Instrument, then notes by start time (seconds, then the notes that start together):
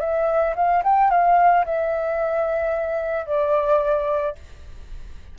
flute
0.00 E5
0.56 F5
0.83 G5
1.10 F5
1.65 E5
3.26 D5